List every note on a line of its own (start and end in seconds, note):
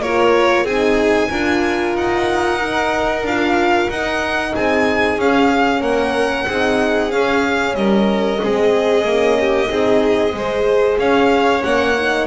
0.00 0.64 A#3
0.00 0.68 F4
0.00 0.64 A#4
0.00 0.67 C#5
0.64 1.29 C4
0.64 1.31 D#4
0.64 1.29 G#4
0.64 1.96 G#5
1.30 1.95 D4
1.30 2.60 F4
1.30 4.52 A#4
1.95 3.23 D#4
1.95 3.26 F#5
2.60 3.24 D#4
3.23 3.88 D4
3.23 3.92 F4
3.23 3.90 F5
3.89 4.54 D#4
3.89 5.21 D#4
3.89 4.55 F#5
4.55 5.18 C4
4.55 5.81 G#4
4.55 5.20 G#5
5.18 5.81 C#4
5.18 6.48 C#4
5.18 5.83 F5
5.81 6.46 A#3
5.81 6.46 A#4
5.81 7.11 F#5
6.48 7.13 C4
6.48 7.10 D#4
6.48 7.77 G#4
7.10 8.39 C#4
7.10 7.75 C#4
7.10 7.75 F5
7.75 8.39 G3
7.75 8.42 A#4
7.75 10.98 D#5
8.41 9.05 G#3
8.41 9.06 C4
8.41 9.38 G#4
9.05 9.69 A#3
9.05 9.67 C#4
9.40 9.71 G4
9.67 10.33 C4
9.67 10.31 D#4
9.67 10.35 G#4
10.33 10.98 G#3
10.33 11.63 G#4
10.33 11.00 C5
10.98 11.63 C#4
10.98 12.27 C#5
10.98 11.64 F5
11.63 12.27 A#3
11.63 11.95 C#4
11.63 12.27 F#5
11.98 12.27 D#4